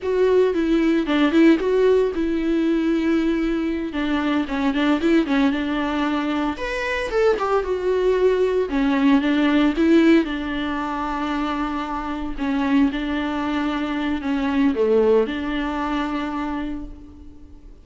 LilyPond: \new Staff \with { instrumentName = "viola" } { \time 4/4 \tempo 4 = 114 fis'4 e'4 d'8 e'8 fis'4 | e'2.~ e'8 d'8~ | d'8 cis'8 d'8 e'8 cis'8 d'4.~ | d'8 b'4 a'8 g'8 fis'4.~ |
fis'8 cis'4 d'4 e'4 d'8~ | d'2.~ d'8 cis'8~ | cis'8 d'2~ d'8 cis'4 | a4 d'2. | }